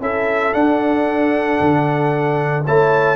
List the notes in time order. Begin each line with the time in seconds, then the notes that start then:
0.00 C#4 E4 A4 E5
0.53 D4 F#5
1.60 D3
2.65 A3 E4 C#5 A5